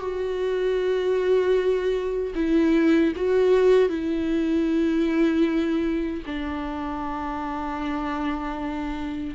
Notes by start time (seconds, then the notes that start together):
0.00 F#4
2.35 E4
3.16 F#4
3.89 E4
6.26 D4